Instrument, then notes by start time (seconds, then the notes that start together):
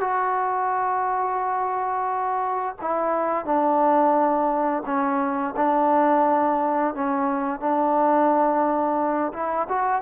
trombone
0.00 F#4
2.81 E4
3.45 D4
4.85 C#4
5.56 D4
6.94 C#4
7.60 D4
9.33 E4
9.68 F#4